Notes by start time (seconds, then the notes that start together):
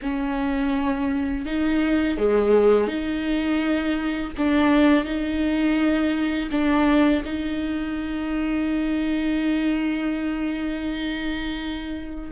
0.02 C#4
1.45 D#4
2.17 G#3
2.87 D#4
4.37 D4
5.04 D#4
6.51 D4
7.24 D#4